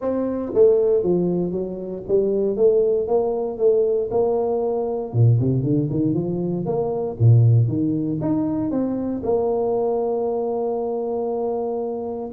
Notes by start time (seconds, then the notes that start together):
0.01 C4
0.54 A3
1.03 F3
1.51 F#3
2.08 G3
2.56 A3
3.07 A#3
3.58 A3
4.10 A#3
5.13 A#2
5.39 C3
5.63 D3
5.90 D#3
6.14 F3
6.65 A#3
7.19 A#2
7.67 D#3
8.21 D#4
8.70 C4
9.23 A#3